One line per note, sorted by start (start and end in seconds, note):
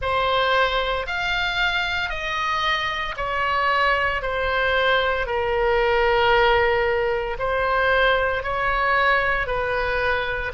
0.01 1.06 C5
1.06 2.09 F5
2.09 3.14 D#5
3.16 4.22 C#5
4.22 5.26 C5
5.26 7.37 A#4
7.39 8.43 C5
8.43 9.46 C#5
9.46 10.52 B4